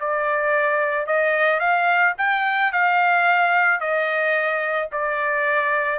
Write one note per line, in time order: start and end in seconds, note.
0.00 1.07 D5
1.07 1.60 D#5
1.60 2.14 F5
2.18 2.72 G5
2.72 3.80 F5
3.80 4.89 D#5
4.92 6.00 D5